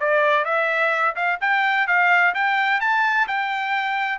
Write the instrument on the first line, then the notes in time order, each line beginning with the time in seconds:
trumpet
0.00 D5
0.45 E5
1.15 F5
1.41 G5
1.87 F5
2.34 G5
2.80 A5
3.27 G5